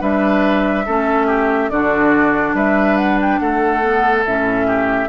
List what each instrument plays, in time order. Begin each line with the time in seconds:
0.00 bassoon G3, clarinet D4, oboe B4, flute E5
0.86 bassoon A3, clarinet C#4, oboe A4
1.27 oboe G4
1.70 bassoon D3, clarinet D4, oboe F#4, flute D5
2.54 bassoon G3, oboe B4, flute E5
2.97 flute F#5
3.22 flute G5
3.39 bassoon A3, oboe A4, flute F#5
3.82 clarinet B3
4.26 bassoon A2, clarinet C#4, flute E5
4.67 oboe G4